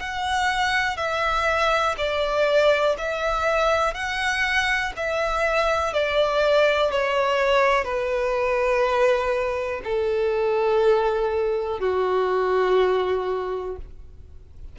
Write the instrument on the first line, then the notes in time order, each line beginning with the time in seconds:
violin
0.00 F#5
0.97 E5
1.98 D5
2.99 E5
3.94 F#5
4.97 E5
5.94 D5
6.92 C#5
7.85 B4
9.85 A4
11.80 F#4